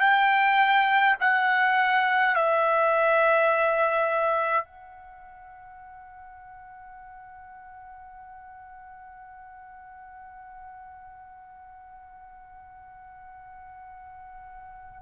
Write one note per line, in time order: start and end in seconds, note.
0.00 1.15 G5
1.20 2.34 F#5
2.34 4.64 E5
4.64 15.02 F#5